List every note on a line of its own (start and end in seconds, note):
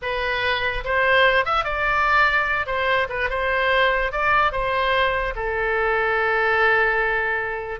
0.01 0.84 B4
0.84 1.45 C5
1.45 1.64 E5
1.64 2.66 D5
2.66 3.07 C5
3.09 3.29 B4
3.29 4.12 C5
4.12 4.51 D5
4.51 5.34 C5
5.35 7.80 A4